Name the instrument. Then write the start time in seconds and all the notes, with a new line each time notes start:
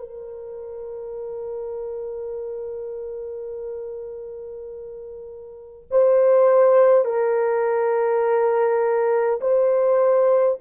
horn
0.00 A#4
5.91 C5
7.05 A#4
9.41 C5